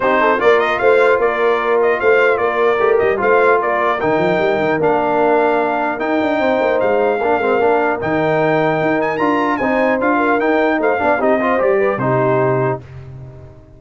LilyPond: <<
  \new Staff \with { instrumentName = "trumpet" } { \time 4/4 \tempo 4 = 150 c''4 d''8 dis''8 f''4 d''4~ | d''8 dis''8 f''4 d''4. dis''8 | f''4 d''4 g''2 | f''2. g''4~ |
g''4 f''2. | g''2~ g''8 gis''8 ais''4 | gis''4 f''4 g''4 f''4 | dis''4 d''4 c''2 | }
  \new Staff \with { instrumentName = "horn" } { \time 4/4 g'8 a'8 ais'4 c''4 ais'4~ | ais'4 c''4 ais'2 | c''4 ais'2.~ | ais'1 |
c''2 ais'2~ | ais'1 | c''4. ais'4. c''8 d''8 | g'8 c''4 b'8 g'2 | }
  \new Staff \with { instrumentName = "trombone" } { \time 4/4 dis'4 f'2.~ | f'2. g'4 | f'2 dis'2 | d'2. dis'4~ |
dis'2 d'8 c'8 d'4 | dis'2. f'4 | dis'4 f'4 dis'4. d'8 | dis'8 f'8 g'4 dis'2 | }
  \new Staff \with { instrumentName = "tuba" } { \time 4/4 c'4 ais4 a4 ais4~ | ais4 a4 ais4 a8 g8 | a4 ais4 dis8 f8 g8 dis8 | ais2. dis'8 d'8 |
c'8 ais8 gis4 ais8 gis8 ais4 | dis2 dis'4 d'4 | c'4 d'4 dis'4 a8 b8 | c'4 g4 c2 | }
>>